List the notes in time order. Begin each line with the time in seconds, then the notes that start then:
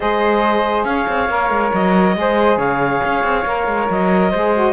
0.00 G#3 G#4 C5 D#5
0.84 C#4 C#5 F5
1.08 C4
1.29 A#3 A#4
1.49 G#3
1.73 F#3 D#5
2.15 G#3 G#4 C5
2.57 C#3 C#5 F5
3.04 C#4
3.23 C4
3.45 A#3 A#4
3.67 G#3
3.90 F#3 D#5
4.30 G#3 G#4 C5
4.53 F#4